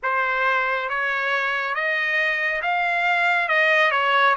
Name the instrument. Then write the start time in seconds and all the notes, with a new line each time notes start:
trumpet
0.02 C5
0.89 C#5
1.74 D#5
2.62 F5
3.48 D#5
3.91 C#5